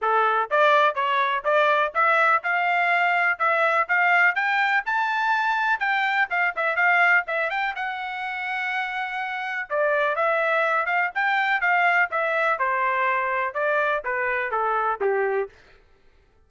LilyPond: \new Staff \with { instrumentName = "trumpet" } { \time 4/4 \tempo 4 = 124 a'4 d''4 cis''4 d''4 | e''4 f''2 e''4 | f''4 g''4 a''2 | g''4 f''8 e''8 f''4 e''8 g''8 |
fis''1 | d''4 e''4. f''8 g''4 | f''4 e''4 c''2 | d''4 b'4 a'4 g'4 | }